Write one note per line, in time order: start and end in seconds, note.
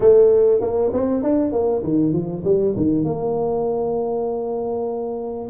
0.00 0.60 A3
0.60 0.91 A#3
0.92 1.22 C4
1.22 1.52 D4
1.52 1.82 A#3
1.83 2.12 D#3
2.12 2.43 F3
2.44 2.75 G3
2.76 3.04 D#3
3.04 5.49 A#3